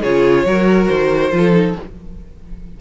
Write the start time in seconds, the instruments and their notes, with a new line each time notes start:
0.00 cello C#3, viola F4, violin G#4 C#5
0.45 cello F#3, viola F#4, violin A#4
0.87 cello D#3, violin C5
1.31 cello F3, viola F4, violin A4
1.52 viola D#4